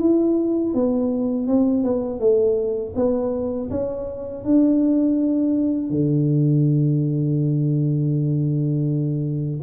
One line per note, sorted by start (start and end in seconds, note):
0.00 0.74 E4
0.74 1.47 B3
1.47 1.84 C4
1.84 2.20 B3
2.20 2.94 A3
2.96 3.70 B3
3.71 4.45 C#4
4.45 5.90 D4
5.90 9.61 D3